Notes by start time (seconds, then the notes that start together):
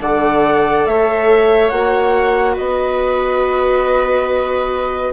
0.00 D3 A4 D5 F#5
0.86 A3 C#5 E5
1.69 A#3 F#4 F#5
2.54 B3 B4 D#5